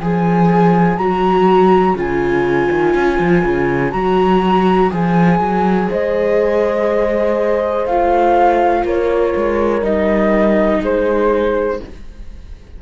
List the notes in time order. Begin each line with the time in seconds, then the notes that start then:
0.00 F3 G#4 C#5 G#5
0.98 F#3 F#4 A#5
1.95 C#3 F4 G#5
2.72 D#3
2.95 C#4
3.19 F3
3.44 C#3
3.92 F#3 F#4 A#5
4.91 F3 G#4 G#5
5.40 F#3
5.89 G#3 C5 D#5
7.86 A3 F4 F5
8.85 A#3 A#4 C#5
9.37 G#3
9.82 G3 D#4 D#5
10.82 G#3 G#4 C5